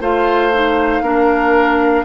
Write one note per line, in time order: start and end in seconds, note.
0.00 1.01 A3
0.00 0.51 F4
0.00 1.02 C5
0.00 2.05 F5
0.53 1.03 D#4
1.01 2.03 A#3
1.01 2.05 D4
1.01 2.05 A#4